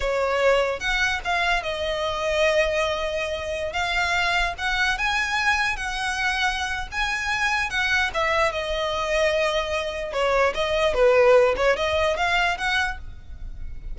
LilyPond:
\new Staff \with { instrumentName = "violin" } { \time 4/4 \tempo 4 = 148 cis''2 fis''4 f''4 | dis''1~ | dis''4~ dis''16 f''2 fis''8.~ | fis''16 gis''2 fis''4.~ fis''16~ |
fis''4 gis''2 fis''4 | e''4 dis''2.~ | dis''4 cis''4 dis''4 b'4~ | b'8 cis''8 dis''4 f''4 fis''4 | }